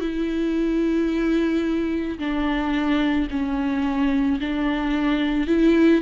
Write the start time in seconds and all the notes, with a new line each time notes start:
0.00 E4
2.18 D4
3.30 C#4
4.39 D4
5.47 E4